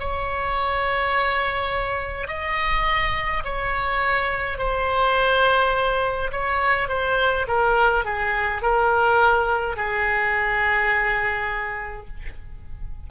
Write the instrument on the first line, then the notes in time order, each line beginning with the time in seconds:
oboe
0.00 C#5
2.28 D#5
3.45 C#5
4.58 C5
6.32 C#5
6.89 C5
7.48 A#4
8.05 G#4
8.62 A#4
9.77 G#4